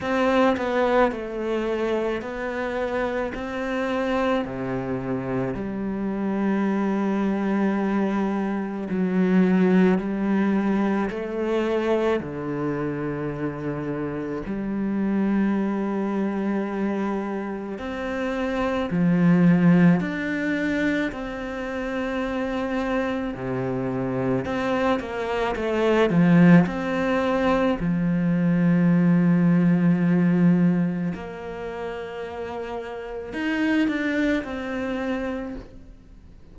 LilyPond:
\new Staff \with { instrumentName = "cello" } { \time 4/4 \tempo 4 = 54 c'8 b8 a4 b4 c'4 | c4 g2. | fis4 g4 a4 d4~ | d4 g2. |
c'4 f4 d'4 c'4~ | c'4 c4 c'8 ais8 a8 f8 | c'4 f2. | ais2 dis'8 d'8 c'4 | }